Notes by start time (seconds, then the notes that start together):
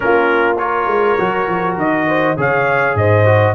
0.00 A#3 C#4 F4 A#4
0.57 F4 A#4 C#5
0.86 G#3
1.18 F#3 F#4
1.48 F3
1.76 D#3 D#5
2.07 C5
2.37 C#3 G#4 C#5 F5
2.94 G#2 C5 D#5
3.25 F#4